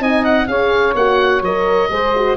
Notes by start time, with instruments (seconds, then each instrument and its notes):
0.00 tuba C4, horn D#4, saxophone D#5, oboe G#5
0.25 oboe F#5
0.47 tuba C#4, horn G#4, saxophone C#5, oboe F5
0.95 tuba A#3, horn F#4, oboe F#5
1.42 tuba F#3, horn A#4, oboe D#5
1.90 tuba G#3, horn G#4, saxophone C5
2.16 horn F#4